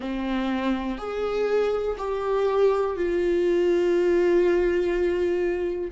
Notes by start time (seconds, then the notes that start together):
0.00 C4
0.98 G#4
1.98 G4
2.96 F4